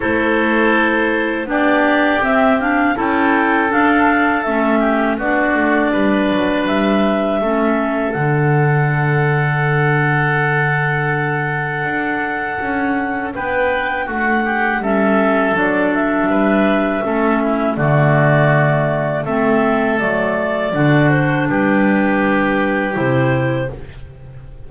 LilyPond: <<
  \new Staff \with { instrumentName = "clarinet" } { \time 4/4 \tempo 4 = 81 c''2 d''4 e''8 f''8 | g''4 f''4 e''4 d''4~ | d''4 e''2 fis''4~ | fis''1~ |
fis''2 g''4 fis''4 | e''4 d''8 e''2~ e''8 | d''2 e''4 d''4~ | d''8 c''8 b'2 c''4 | }
  \new Staff \with { instrumentName = "oboe" } { \time 4/4 a'2 g'2 | a'2~ a'8 g'8 fis'4 | b'2 a'2~ | a'1~ |
a'2 b'4 fis'8 g'8 | a'2 b'4 a'8 e'8 | fis'2 a'2 | fis'4 g'2. | }
  \new Staff \with { instrumentName = "clarinet" } { \time 4/4 e'2 d'4 c'8 d'8 | e'4 d'4 cis'4 d'4~ | d'2 cis'4 d'4~ | d'1~ |
d'1 | cis'4 d'2 cis'4 | a2 c'4 a4 | d'2. e'4 | }
  \new Staff \with { instrumentName = "double bass" } { \time 4/4 a2 b4 c'4 | cis'4 d'4 a4 b8 a8 | g8 fis8 g4 a4 d4~ | d1 |
d'4 cis'4 b4 a4 | g4 fis4 g4 a4 | d2 a4 fis4 | d4 g2 c4 | }
>>